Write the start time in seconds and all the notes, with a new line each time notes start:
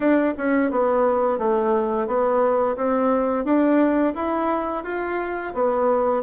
0.00 D4
0.37 C#4
0.70 B3
1.38 A3
2.07 B3
2.76 C4
3.45 D4
4.14 E4
4.83 F4
5.54 B3